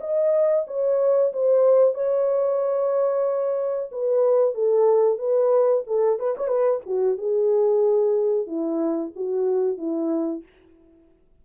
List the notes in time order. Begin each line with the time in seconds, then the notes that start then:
0.00 D#5
0.67 C#5
1.33 C5
1.94 C#5
3.91 B4
4.54 A4
5.18 B4
5.87 A4
6.19 B4
6.37 C#5
6.47 B4
6.86 F#4
7.17 G#4
8.46 E4
9.15 F#4
9.77 E4